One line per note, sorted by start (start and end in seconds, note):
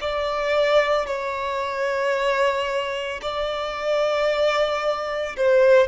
0.00 1.06 D5
1.06 3.20 C#5
3.21 5.36 D5
5.36 5.87 C5